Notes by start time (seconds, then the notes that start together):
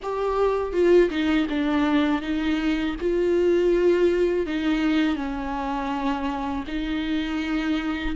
0.02 G4
0.72 F4
1.09 D#4
1.49 D4
2.21 D#4
3.00 F4
4.46 D#4
5.15 C#4
6.67 D#4